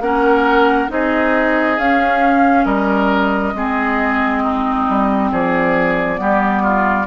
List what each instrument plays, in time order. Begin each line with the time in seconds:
0.00 bassoon A#3, clarinet C#4, oboe A#4, flute F#5
0.88 bassoon C4, clarinet D#4, oboe G#4, flute D#5
1.78 bassoon C#4, clarinet C#4, flute F5
2.65 bassoon G3, oboe A#4, flute D#5
3.53 bassoon G#3, clarinet C4, oboe G#4
4.42 oboe D#4
4.88 bassoon G3
5.31 bassoon F3, oboe G#4, flute D5
6.16 bassoon G3, clarinet B3, oboe G4
6.62 oboe F4